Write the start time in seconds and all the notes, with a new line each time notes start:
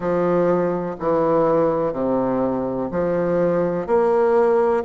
0.00 F3
0.99 E3
1.92 C3
2.91 F3
3.86 A#3